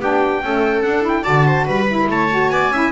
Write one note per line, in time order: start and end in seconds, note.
0.00 0.42 B3
0.00 0.43 D4
0.00 0.43 G4
0.00 0.82 G5
0.42 0.83 A3
0.42 0.84 C#4
0.42 1.23 A4
0.82 1.02 D4
0.82 1.26 D4
0.82 1.03 F#5
1.02 1.23 E4
1.02 1.24 G5
1.23 1.67 D3
1.23 1.86 F#4
1.23 1.44 D5
1.23 1.66 A5
1.47 1.65 C5
1.65 2.08 G3
1.65 2.07 B4
1.65 2.10 B5
1.88 2.30 E4
2.08 2.49 A3
2.08 2.53 C#5
2.08 2.50 A5
2.30 2.72 F#4
2.49 2.69 B3
2.49 2.73 D5
2.49 2.91 G#5
2.69 2.90 C#4
2.69 2.91 E4
2.69 2.91 E5